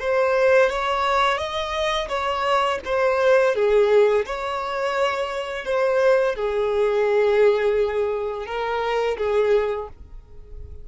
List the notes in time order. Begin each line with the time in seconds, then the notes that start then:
0.00 C5
0.70 C#5
1.38 D#5
2.09 C#5
2.85 C5
3.55 G#4
4.26 C#5
5.65 C5
6.36 G#4
8.47 A#4
9.18 G#4